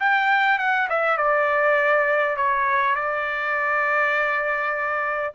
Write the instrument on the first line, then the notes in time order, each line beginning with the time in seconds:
trumpet
0.00 G5
0.59 F#5
0.90 E5
1.18 D5
2.37 C#5
2.95 D5